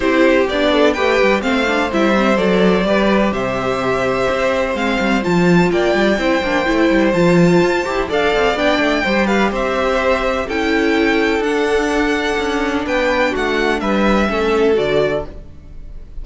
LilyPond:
<<
  \new Staff \with { instrumentName = "violin" } { \time 4/4 \tempo 4 = 126 c''4 d''4 g''4 f''4 | e''4 d''2 e''4~ | e''2 f''4 a''4 | g''2. a''4~ |
a''4 f''4 g''4. f''8 | e''2 g''2 | fis''2. g''4 | fis''4 e''2 d''4 | }
  \new Staff \with { instrumentName = "violin" } { \time 4/4 g'4. a'8 b'4 c''4~ | c''2 b'4 c''4~ | c''1 | d''4 c''2.~ |
c''4 d''2 c''8 b'8 | c''2 a'2~ | a'2. b'4 | fis'4 b'4 a'2 | }
  \new Staff \with { instrumentName = "viola" } { \time 4/4 e'4 d'4 g'4 c'8 d'8 | e'8 c'8 a'4 g'2~ | g'2 c'4 f'4~ | f'4 e'8 d'8 e'4 f'4~ |
f'8 g'8 a'4 d'4 g'4~ | g'2 e'2 | d'1~ | d'2 cis'4 fis'4 | }
  \new Staff \with { instrumentName = "cello" } { \time 4/4 c'4 b4 a8 g8 a4 | g4 fis4 g4 c4~ | c4 c'4 gis8 g8 f4 | ais8 g8 c'8 ais8 a8 g8 f4 |
f'8 e'8 d'8 c'8 b8 a8 g4 | c'2 cis'2 | d'2 cis'4 b4 | a4 g4 a4 d4 | }
>>